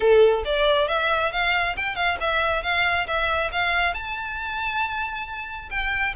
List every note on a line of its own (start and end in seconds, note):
0.00 0.43 A4
0.44 0.88 D5
0.88 1.32 E5
1.32 1.75 F5
1.76 1.95 G5
1.95 2.17 F5
2.20 2.62 E5
2.62 3.06 F5
3.07 3.51 E5
3.52 3.93 F5
3.93 5.69 A5
5.70 6.14 G5